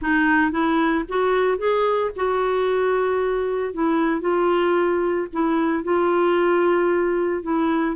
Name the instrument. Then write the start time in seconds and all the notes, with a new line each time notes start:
clarinet
0.01 D#4
0.51 E4
1.08 F#4
1.57 G#4
2.16 F#4
3.73 E4
4.21 F4
5.32 E4
5.83 F4
7.42 E4